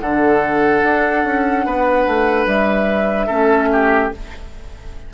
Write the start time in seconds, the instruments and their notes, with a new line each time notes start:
0.00 bassoon D3, clarinet D4, oboe A4, flute F#5
0.83 bassoon D4
1.24 bassoon C#4
1.65 bassoon B3, oboe B4
2.07 bassoon A3
2.46 bassoon G3, flute E5
3.27 bassoon A3, clarinet C#4, oboe A4
3.72 oboe G4